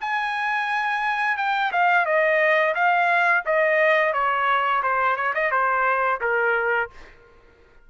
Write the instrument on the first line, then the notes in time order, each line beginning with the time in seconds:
trumpet
0.00 G#5
1.37 G5
1.72 F5
2.05 D#5
2.75 F5
3.45 D#5
4.13 C#5
4.82 C5
5.16 C#5
5.34 D#5
5.51 C5
6.21 A#4